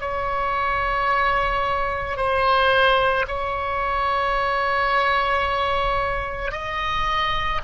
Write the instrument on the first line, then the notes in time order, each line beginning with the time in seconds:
oboe
0.00 C#5
2.17 C5
3.27 C#5
6.52 D#5